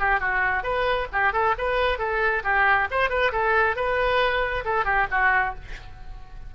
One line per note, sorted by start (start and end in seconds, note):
0.00 0.20 G4
0.20 0.64 F#4
0.64 1.08 B4
1.13 1.33 G4
1.33 1.55 A4
1.58 1.99 B4
1.99 2.43 A4
2.44 2.88 G4
2.91 3.10 C5
3.10 3.32 B4
3.32 3.76 A4
3.76 4.65 B4
4.65 4.85 A4
4.85 5.08 G4
5.11 5.55 F#4